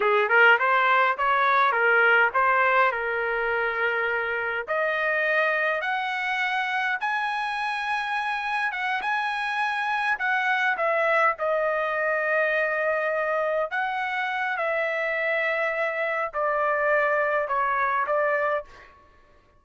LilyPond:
\new Staff \with { instrumentName = "trumpet" } { \time 4/4 \tempo 4 = 103 gis'8 ais'8 c''4 cis''4 ais'4 | c''4 ais'2. | dis''2 fis''2 | gis''2. fis''8 gis''8~ |
gis''4. fis''4 e''4 dis''8~ | dis''2.~ dis''8 fis''8~ | fis''4 e''2. | d''2 cis''4 d''4 | }